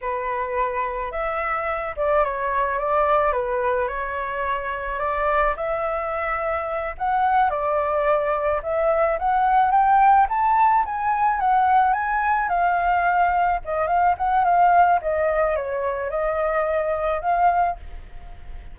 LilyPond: \new Staff \with { instrumentName = "flute" } { \time 4/4 \tempo 4 = 108 b'2 e''4. d''8 | cis''4 d''4 b'4 cis''4~ | cis''4 d''4 e''2~ | e''8 fis''4 d''2 e''8~ |
e''8 fis''4 g''4 a''4 gis''8~ | gis''8 fis''4 gis''4 f''4.~ | f''8 dis''8 f''8 fis''8 f''4 dis''4 | cis''4 dis''2 f''4 | }